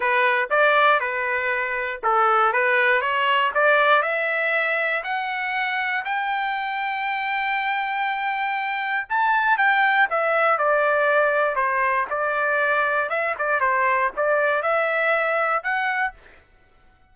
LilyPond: \new Staff \with { instrumentName = "trumpet" } { \time 4/4 \tempo 4 = 119 b'4 d''4 b'2 | a'4 b'4 cis''4 d''4 | e''2 fis''2 | g''1~ |
g''2 a''4 g''4 | e''4 d''2 c''4 | d''2 e''8 d''8 c''4 | d''4 e''2 fis''4 | }